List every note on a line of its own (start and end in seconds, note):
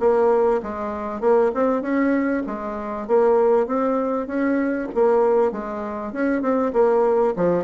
0.00 0.61 A#3
0.63 1.21 G#3
1.21 1.51 A#3
1.54 1.82 C4
1.82 2.43 C#4
2.47 3.08 G#3
3.08 3.67 A#3
3.67 4.27 C4
4.27 4.88 C#4
4.95 5.52 A#3
5.52 6.13 G#3
6.13 6.42 C#4
6.42 6.72 C4
6.73 7.34 A#3
7.36 7.64 F3